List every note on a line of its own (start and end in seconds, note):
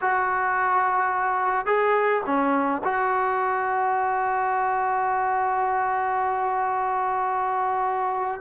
0.01 1.65 F#4
1.65 2.21 G#4
2.26 2.82 C#4
2.83 8.41 F#4